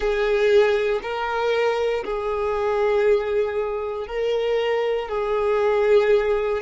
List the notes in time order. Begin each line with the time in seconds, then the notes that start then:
0.00 G#4
1.02 A#4
2.04 G#4
4.07 A#4
5.08 G#4